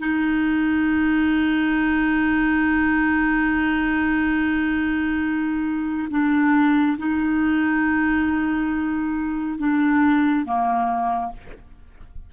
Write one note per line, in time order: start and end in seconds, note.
0.00 6.09 D#4
6.11 6.98 D4
6.98 9.59 D#4
9.59 10.46 D4
10.46 11.33 A#3